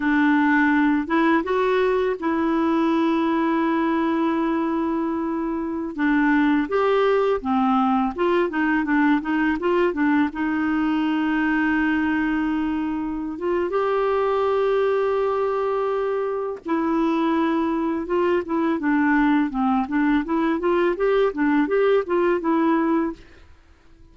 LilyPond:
\new Staff \with { instrumentName = "clarinet" } { \time 4/4 \tempo 4 = 83 d'4. e'8 fis'4 e'4~ | e'1~ | e'16 d'4 g'4 c'4 f'8 dis'16~ | dis'16 d'8 dis'8 f'8 d'8 dis'4.~ dis'16~ |
dis'2~ dis'8 f'8 g'4~ | g'2. e'4~ | e'4 f'8 e'8 d'4 c'8 d'8 | e'8 f'8 g'8 d'8 g'8 f'8 e'4 | }